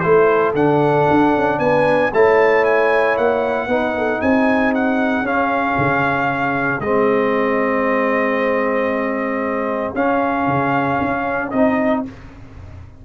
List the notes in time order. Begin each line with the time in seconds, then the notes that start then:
0.00 A3 E4 A4 C5
0.55 D3 D4 F#5
1.11 D4
1.37 C#4
1.59 B3 B4 G#5
2.13 A3 E4 C#5 A5
2.65 G#5
3.18 A#3 F#5
3.67 B3 D#4 B4
3.98 A4
4.21 C4 G#4 G#5
4.75 F#5
5.22 C#4 F5
5.78 C#3
6.80 G#3 C4 D#5
9.95 C#4 F5
10.47 C#3
11.01 C#4
11.51 C4 D#4 D#5